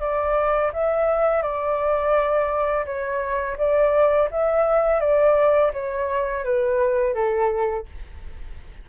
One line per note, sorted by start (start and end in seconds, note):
0.00 0.71 D5
0.73 1.43 E5
1.43 2.85 D5
2.85 3.57 C#5
3.58 4.29 D5
4.31 5.00 E5
5.00 5.72 D5
5.73 6.44 C#5
6.44 7.14 B4
7.14 7.86 A4